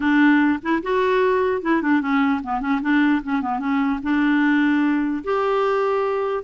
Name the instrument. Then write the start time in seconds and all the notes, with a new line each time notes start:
clarinet
0.00 D4
0.62 E4
0.83 F#4
1.61 E4
1.81 D4
2.01 C#4
2.43 B3
2.60 C#4
2.81 D4
3.23 C#4
3.41 B3
3.59 C#4
4.02 D4
5.23 G4